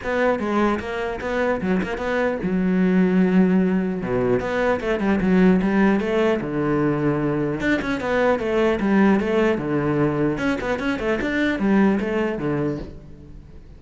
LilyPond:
\new Staff \with { instrumentName = "cello" } { \time 4/4 \tempo 4 = 150 b4 gis4 ais4 b4 | fis8 ais8 b4 fis2~ | fis2 b,4 b4 | a8 g8 fis4 g4 a4 |
d2. d'8 cis'8 | b4 a4 g4 a4 | d2 cis'8 b8 cis'8 a8 | d'4 g4 a4 d4 | }